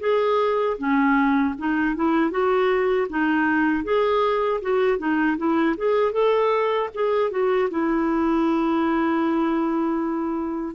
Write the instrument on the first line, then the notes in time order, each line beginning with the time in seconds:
clarinet
0.00 G#4
0.78 C#4
1.58 D#4
1.95 E4
2.31 F#4
3.09 D#4
3.84 G#4
4.61 F#4
4.99 D#4
5.37 E4
5.77 G#4
6.12 A4
6.94 G#4
7.31 F#4
7.70 E4